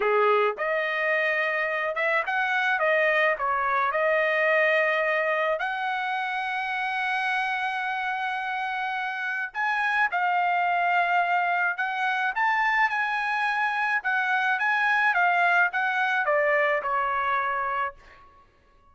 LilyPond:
\new Staff \with { instrumentName = "trumpet" } { \time 4/4 \tempo 4 = 107 gis'4 dis''2~ dis''8 e''8 | fis''4 dis''4 cis''4 dis''4~ | dis''2 fis''2~ | fis''1~ |
fis''4 gis''4 f''2~ | f''4 fis''4 a''4 gis''4~ | gis''4 fis''4 gis''4 f''4 | fis''4 d''4 cis''2 | }